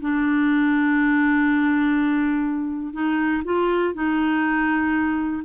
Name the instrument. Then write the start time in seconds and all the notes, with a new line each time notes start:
clarinet
0.00 D4
2.93 D#4
3.44 F4
3.94 D#4